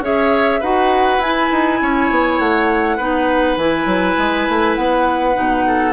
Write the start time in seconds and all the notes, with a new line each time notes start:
0.00 C#4 G#4 C#5 E5
0.60 D#4 F#4 B4 F#5
1.18 E4 G#5
1.51 D#4
1.81 C#4 C#5
2.10 B3
2.39 A3 F#5
2.97 B3 D#4 B4
3.57 E3 E4 G#5
3.85 F#3
4.18 G#3
4.48 A3
4.75 B3 F#5
5.34 B2 D#4
5.67 A4